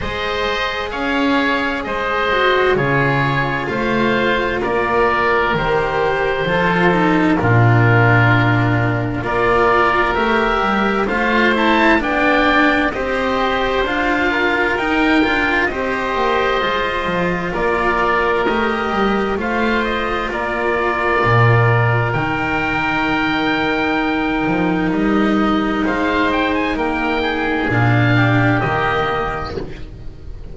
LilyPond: <<
  \new Staff \with { instrumentName = "oboe" } { \time 4/4 \tempo 4 = 65 dis''4 f''4 dis''4 cis''4 | f''4 d''4 c''2 | ais'2 d''4 e''4 | f''8 a''8 g''4 dis''4 f''4 |
g''4 dis''2 d''4 | dis''4 f''8 dis''8 d''2 | g''2. dis''4 | f''8 g''16 gis''16 g''4 f''4 dis''4 | }
  \new Staff \with { instrumentName = "oboe" } { \time 4/4 c''4 cis''4 c''4 gis'4 | c''4 ais'2 a'4 | f'2 ais'2 | c''4 d''4 c''4. ais'8~ |
ais'4 c''2 ais'4~ | ais'4 c''4 ais'2~ | ais'1 | c''4 ais'8 gis'4 g'4. | }
  \new Staff \with { instrumentName = "cello" } { \time 4/4 gis'2~ gis'8 fis'8 f'4~ | f'2 g'4 f'8 dis'8 | d'2 f'4 g'4 | f'8 e'8 d'4 g'4 f'4 |
dis'8 f'8 g'4 f'2 | g'4 f'2. | dis'1~ | dis'2 d'4 ais4 | }
  \new Staff \with { instrumentName = "double bass" } { \time 4/4 gis4 cis'4 gis4 cis4 | a4 ais4 dis4 f4 | ais,2 ais4 a8 g8 | a4 b4 c'4 d'4 |
dis'8 d'8 c'8 ais8 gis8 f8 ais4 | a8 g8 a4 ais4 ais,4 | dis2~ dis8 f8 g4 | gis4 ais4 ais,4 dis4 | }
>>